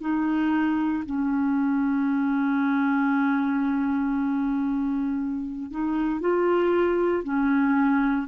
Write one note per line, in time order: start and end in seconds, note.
0.00 1.03 D#4
1.05 5.70 C#4
5.70 6.20 D#4
6.20 7.23 F4
7.23 8.27 C#4